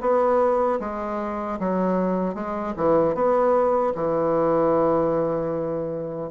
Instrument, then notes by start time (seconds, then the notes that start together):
bassoon
0.00 B3
0.80 G#3
1.59 F#3
2.34 G#3
2.76 E3
3.14 B3
3.95 E3